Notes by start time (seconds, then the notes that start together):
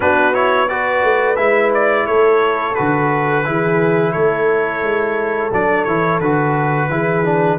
0.00 B3 D4 F#4 B4
0.33 E4 C#5
0.68 F#4 B4 D5
1.03 A3
1.36 G#3 E4 E5
1.74 D5
2.06 A3 A4 C#5
2.75 D3 F#4 B4
3.44 E3 E4 G#4
4.12 A3 A4 C#5
4.82 G#3
5.52 F#3 D4 D5
5.84 E3 E4 C#5
6.20 D3 F#4 B4
6.89 E3 E4 G#4
7.24 D4